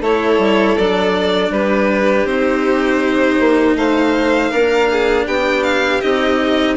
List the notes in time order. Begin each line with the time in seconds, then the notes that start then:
0.00 A3 E4 A4 C#5
0.38 G3
0.77 F#3 D4 D5
1.49 G3 G4 B4
2.24 C4 D#4 C5
3.39 A#3
3.75 A3 C5 F5
4.50 A#3 D4 A#4
4.91 G#4
5.26 B3 G4 G5
5.63 F5
6.00 C4 D#4 D#5